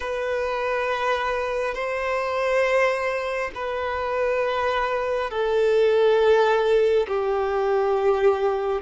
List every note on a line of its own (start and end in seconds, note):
0.00 1.74 B4
1.74 3.51 C5
3.54 5.30 B4
5.30 7.06 A4
7.07 8.81 G4